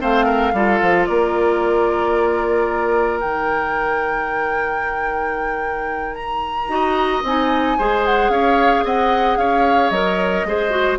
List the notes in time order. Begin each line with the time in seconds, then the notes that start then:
0.00 A3 C4 C5 F5
0.25 A#4
0.53 G3 F4 A4
0.81 F3
1.05 A#3 A#4 D5
3.20 D#3 D#4 G5
6.15 A#5
6.68 D#4 F#4 D#5
7.23 C4 D#4 G#5
7.78 G#3 G#4 C5
8.05 F#5
8.29 C#4 C#5 F5
8.84 C4 D#5 F#5
9.37 C#4 C#5 F5
9.90 F#3 A#4 D#5
10.44 G#3 G#4 C5
10.70 F#4